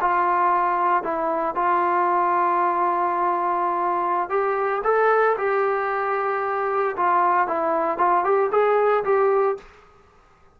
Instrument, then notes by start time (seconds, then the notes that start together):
trombone
0.00 F4
1.03 E4
1.55 F4
4.29 G4
4.83 A4
5.38 G4
6.96 F4
7.47 E4
7.97 F4
8.24 G4
8.51 G#4
9.04 G4